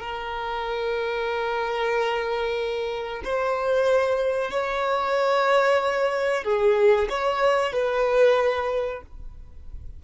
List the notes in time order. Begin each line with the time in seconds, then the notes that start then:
0.00 A#4
3.25 C5
4.51 C#5
6.44 G#4
7.10 C#5
7.73 B4